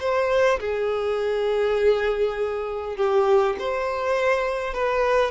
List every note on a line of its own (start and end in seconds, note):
0.00 0.59 C5
0.60 2.97 G#4
2.97 3.56 G4
3.59 4.74 C5
4.74 5.31 B4